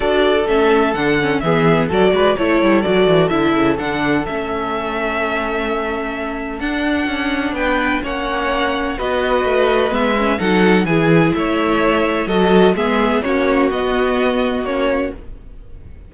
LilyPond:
<<
  \new Staff \with { instrumentName = "violin" } { \time 4/4 \tempo 4 = 127 d''4 e''4 fis''4 e''4 | d''4 cis''4 d''4 e''4 | fis''4 e''2.~ | e''2 fis''2 |
g''4 fis''2 dis''4~ | dis''4 e''4 fis''4 gis''4 | e''2 dis''4 e''4 | cis''4 dis''2 cis''4 | }
  \new Staff \with { instrumentName = "violin" } { \time 4/4 a'2. gis'4 | a'8 b'8 a'2.~ | a'1~ | a'1 |
b'4 cis''2 b'4~ | b'2 a'4 gis'4 | cis''2 a'4 gis'4 | fis'1 | }
  \new Staff \with { instrumentName = "viola" } { \time 4/4 fis'4 cis'4 d'8 cis'8 b4 | fis'4 e'4 fis'4 e'4 | d'4 cis'2.~ | cis'2 d'2~ |
d'4 cis'2 fis'4~ | fis'4 b8 cis'8 dis'4 e'4~ | e'2 fis'4 b4 | cis'4 b2 cis'4 | }
  \new Staff \with { instrumentName = "cello" } { \time 4/4 d'4 a4 d4 e4 | fis8 gis8 a8 g8 fis8 e8 d8 cis8 | d4 a2.~ | a2 d'4 cis'4 |
b4 ais2 b4 | a4 gis4 fis4 e4 | a2 fis4 gis4 | ais4 b2 ais4 | }
>>